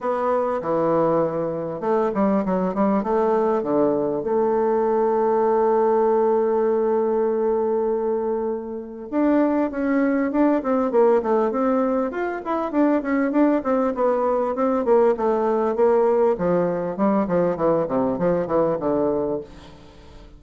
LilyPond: \new Staff \with { instrumentName = "bassoon" } { \time 4/4 \tempo 4 = 99 b4 e2 a8 g8 | fis8 g8 a4 d4 a4~ | a1~ | a2. d'4 |
cis'4 d'8 c'8 ais8 a8 c'4 | f'8 e'8 d'8 cis'8 d'8 c'8 b4 | c'8 ais8 a4 ais4 f4 | g8 f8 e8 c8 f8 e8 d4 | }